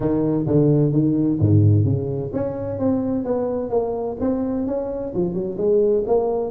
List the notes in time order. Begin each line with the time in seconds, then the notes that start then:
0.00 D#3
0.47 D3
0.92 D#3
1.40 G#2
1.84 C#3
2.33 C#4
2.78 C4
3.24 B3
3.70 A#3
4.20 C4
4.66 C#4
5.14 F3
5.34 F#3
5.57 G#3
6.06 A#3